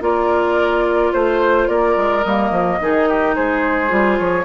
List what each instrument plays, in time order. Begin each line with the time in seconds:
0.00 bassoon A#3, clarinet F4, oboe A#4, flute D5
1.12 bassoon A3, oboe C5, flute C5
1.68 bassoon A#3, oboe A#4, flute D5
1.97 bassoon G#3
2.23 bassoon G3, clarinet A#3, flute D#5
2.50 bassoon F3
2.80 bassoon D#3, clarinet D#4, oboe G#4
3.08 oboe G4
3.35 bassoon G#3, oboe G#4, flute C5
3.88 bassoon G3, clarinet F4
4.19 bassoon F3, flute C#5